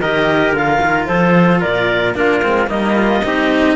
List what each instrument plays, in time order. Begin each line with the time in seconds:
0.00 cello D#3 G4, trumpet A#4, clarinet D#5
0.52 cello D3 F4, clarinet F5
0.81 cello D#3
1.06 cello F3, trumpet A4, clarinet C5
1.61 cello A#2, trumpet A#4, clarinet D5
2.14 cello A#3 D4, trumpet F4, clarinet A#4
2.42 cello G#3 C4
2.66 cello G3 A#3, trumpet D#4, clarinet D#5
2.96 trumpet F4
3.24 cello C4 D#4, trumpet G4